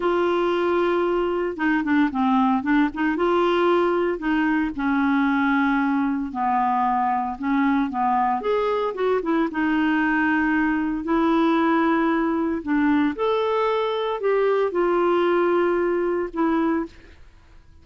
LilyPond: \new Staff \with { instrumentName = "clarinet" } { \time 4/4 \tempo 4 = 114 f'2. dis'8 d'8 | c'4 d'8 dis'8 f'2 | dis'4 cis'2. | b2 cis'4 b4 |
gis'4 fis'8 e'8 dis'2~ | dis'4 e'2. | d'4 a'2 g'4 | f'2. e'4 | }